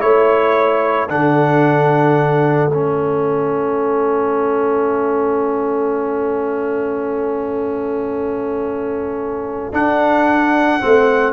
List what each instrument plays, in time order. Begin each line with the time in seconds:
0.00 tuba A3, trombone E4, trumpet C#5, horn C#5
1.09 tuba D3, trombone D4, horn A4, trumpet F#5
2.69 tuba A3, trombone C#4, trumpet E5
9.73 tuba D4, trombone D4, trumpet F#5
10.81 tuba A3, trombone C4